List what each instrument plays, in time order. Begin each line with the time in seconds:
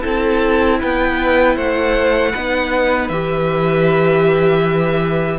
0.00 cello C4, viola E4, violin A4 A5
0.80 cello B3, violin B4 G5
1.56 cello A3, violin C5 F#5
2.31 cello B3, viola D#4, violin B4
3.08 cello E3, viola G4, violin E5